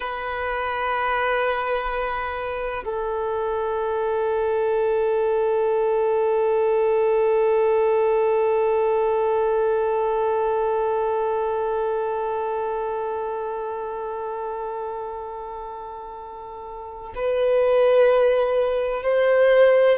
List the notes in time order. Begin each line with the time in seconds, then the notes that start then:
0.00 B4
2.84 A4
17.15 B4
19.03 C5